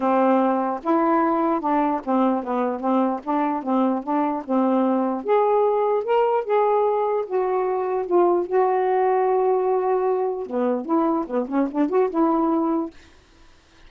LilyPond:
\new Staff \with { instrumentName = "saxophone" } { \time 4/4 \tempo 4 = 149 c'2 e'2 | d'4 c'4 b4 c'4 | d'4 c'4 d'4 c'4~ | c'4 gis'2 ais'4 |
gis'2 fis'2 | f'4 fis'2.~ | fis'2 b4 e'4 | b8 cis'8 d'8 fis'8 e'2 | }